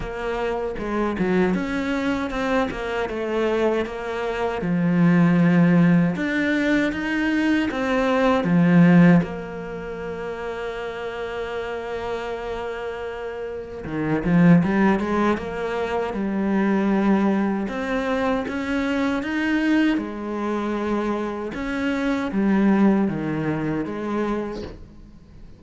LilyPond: \new Staff \with { instrumentName = "cello" } { \time 4/4 \tempo 4 = 78 ais4 gis8 fis8 cis'4 c'8 ais8 | a4 ais4 f2 | d'4 dis'4 c'4 f4 | ais1~ |
ais2 dis8 f8 g8 gis8 | ais4 g2 c'4 | cis'4 dis'4 gis2 | cis'4 g4 dis4 gis4 | }